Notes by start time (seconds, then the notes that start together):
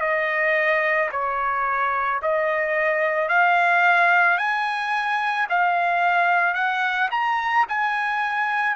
0.00 D#5
1.12 C#5
2.22 D#5
3.28 F5
4.37 G#5
5.49 F5
6.54 F#5
7.11 A#5
7.68 G#5